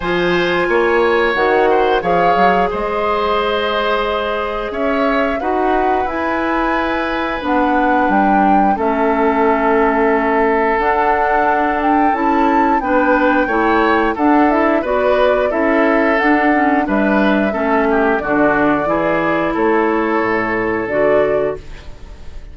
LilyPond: <<
  \new Staff \with { instrumentName = "flute" } { \time 4/4 \tempo 4 = 89 gis''2 fis''4 f''4 | dis''2. e''4 | fis''4 gis''2 fis''4 | g''4 e''2. |
fis''4. g''8 a''4 g''4~ | g''4 fis''8 e''8 d''4 e''4 | fis''4 e''2 d''4~ | d''4 cis''2 d''4 | }
  \new Staff \with { instrumentName = "oboe" } { \time 4/4 c''4 cis''4. c''8 cis''4 | c''2. cis''4 | b'1~ | b'4 a'2.~ |
a'2. b'4 | cis''4 a'4 b'4 a'4~ | a'4 b'4 a'8 g'8 fis'4 | gis'4 a'2. | }
  \new Staff \with { instrumentName = "clarinet" } { \time 4/4 f'2 fis'4 gis'4~ | gis'1 | fis'4 e'2 d'4~ | d'4 cis'2. |
d'2 e'4 d'4 | e'4 d'8 e'8 fis'4 e'4 | d'8 cis'8 d'4 cis'4 d'4 | e'2. fis'4 | }
  \new Staff \with { instrumentName = "bassoon" } { \time 4/4 f4 ais4 dis4 f8 fis8 | gis2. cis'4 | dis'4 e'2 b4 | g4 a2. |
d'2 cis'4 b4 | a4 d'4 b4 cis'4 | d'4 g4 a4 d4 | e4 a4 a,4 d4 | }
>>